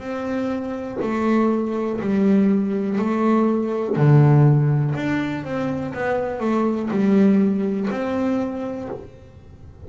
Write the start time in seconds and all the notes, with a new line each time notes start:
0.00 C4
1.02 A3
2.01 G3
2.99 A3
3.97 D3
4.96 D4
5.45 C4
5.94 B3
6.40 A3
6.91 G3
7.91 C4